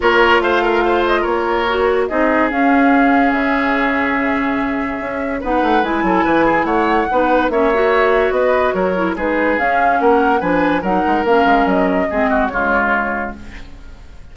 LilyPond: <<
  \new Staff \with { instrumentName = "flute" } { \time 4/4 \tempo 4 = 144 cis''4 f''4. dis''8 cis''4~ | cis''4 dis''4 f''2 | e''1~ | e''4 fis''4 gis''2 |
fis''2 e''2 | dis''4 cis''4 b'4 f''4 | fis''4 gis''4 fis''4 f''4 | dis''2 cis''2 | }
  \new Staff \with { instrumentName = "oboe" } { \time 4/4 ais'4 c''8 ais'8 c''4 ais'4~ | ais'4 gis'2.~ | gis'1~ | gis'4 b'4. a'8 b'8 gis'8 |
cis''4 b'4 cis''2 | b'4 ais'4 gis'2 | ais'4 b'4 ais'2~ | ais'4 gis'8 fis'8 f'2 | }
  \new Staff \with { instrumentName = "clarinet" } { \time 4/4 f'1 | fis'4 dis'4 cis'2~ | cis'1~ | cis'4 dis'4 e'2~ |
e'4 dis'4 cis'8 fis'4.~ | fis'4. e'8 dis'4 cis'4~ | cis'4 d'4 dis'4 cis'4~ | cis'4 c'4 gis2 | }
  \new Staff \with { instrumentName = "bassoon" } { \time 4/4 ais4 a2 ais4~ | ais4 c'4 cis'2 | cis1 | cis'4 b8 a8 gis8 fis8 e4 |
a4 b4 ais2 | b4 fis4 gis4 cis'4 | ais4 f4 fis8 gis8 ais8 gis8 | fis4 gis4 cis2 | }
>>